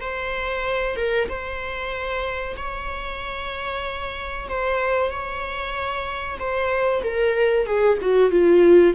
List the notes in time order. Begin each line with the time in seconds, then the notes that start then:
0.00 C5
0.96 A#4
1.28 C5
2.56 C#5
4.48 C5
5.10 C#5
6.39 C5
7.03 A#4
7.66 G#4
8.01 F#4
8.31 F4